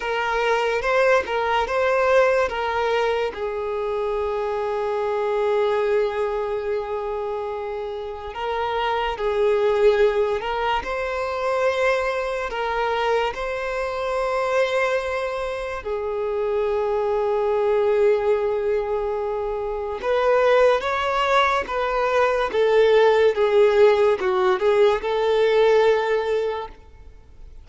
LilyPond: \new Staff \with { instrumentName = "violin" } { \time 4/4 \tempo 4 = 72 ais'4 c''8 ais'8 c''4 ais'4 | gis'1~ | gis'2 ais'4 gis'4~ | gis'8 ais'8 c''2 ais'4 |
c''2. gis'4~ | gis'1 | b'4 cis''4 b'4 a'4 | gis'4 fis'8 gis'8 a'2 | }